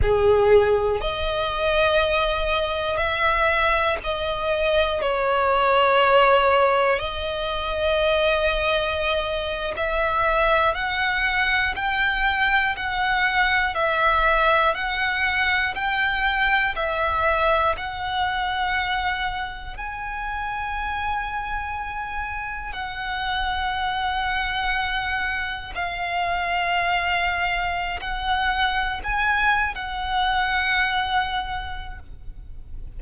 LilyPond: \new Staff \with { instrumentName = "violin" } { \time 4/4 \tempo 4 = 60 gis'4 dis''2 e''4 | dis''4 cis''2 dis''4~ | dis''4.~ dis''16 e''4 fis''4 g''16~ | g''8. fis''4 e''4 fis''4 g''16~ |
g''8. e''4 fis''2 gis''16~ | gis''2~ gis''8. fis''4~ fis''16~ | fis''4.~ fis''16 f''2~ f''16 | fis''4 gis''8. fis''2~ fis''16 | }